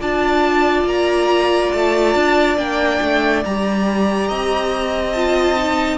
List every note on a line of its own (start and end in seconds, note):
0.00 0.83 D4
0.00 2.57 F4
0.00 4.28 D5
0.00 0.87 A5
0.83 1.69 A#3
0.83 1.72 A#5
1.72 2.15 A3
1.72 2.58 A5
2.15 2.57 D4
2.57 3.00 A#3
2.57 3.43 D4
2.57 3.43 G5
3.01 3.44 A3
3.44 4.30 G3
3.44 5.16 G4
3.44 5.12 A#5
4.28 5.98 C4
4.28 5.98 D#5
5.12 5.57 F4
5.12 5.98 A5
5.57 5.98 D#4